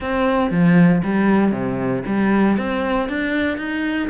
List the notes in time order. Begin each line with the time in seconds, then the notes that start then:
0.00 C4
0.50 F3
1.03 G3
1.51 C3
2.06 G3
2.57 C4
3.09 D4
3.57 D#4